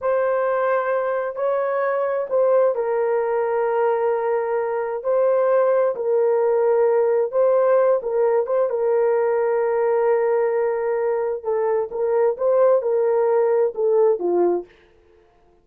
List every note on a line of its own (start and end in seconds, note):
0.01 1.35 C5
1.35 2.27 C#5
2.29 2.75 C5
2.75 5.03 A#4
5.03 5.95 C5
5.95 7.31 A#4
7.31 8.00 C5
8.02 8.46 A#4
8.46 8.69 C5
8.69 11.43 A#4
11.43 11.89 A4
11.91 12.37 A#4
12.37 12.81 C5
12.81 13.73 A#4
13.74 14.19 A4
14.19 14.65 F4